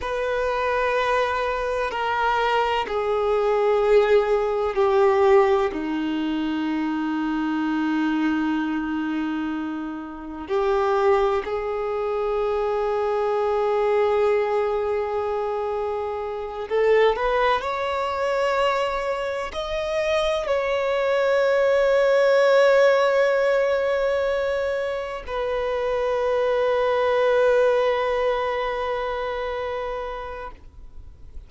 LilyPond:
\new Staff \with { instrumentName = "violin" } { \time 4/4 \tempo 4 = 63 b'2 ais'4 gis'4~ | gis'4 g'4 dis'2~ | dis'2. g'4 | gis'1~ |
gis'4. a'8 b'8 cis''4.~ | cis''8 dis''4 cis''2~ cis''8~ | cis''2~ cis''8 b'4.~ | b'1 | }